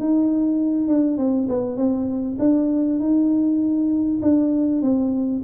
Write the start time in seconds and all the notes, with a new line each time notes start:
0.00 D#4
0.88 D4
1.18 C4
1.49 B3
1.77 C4
2.39 D4
3.00 D#4
4.22 D4
4.82 C4